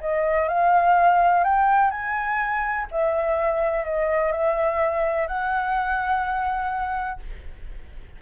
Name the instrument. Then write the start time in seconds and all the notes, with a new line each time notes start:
flute
0.00 D#5
0.48 F5
1.44 G5
1.90 G#5
2.91 E5
3.84 D#5
4.32 E5
5.27 F#5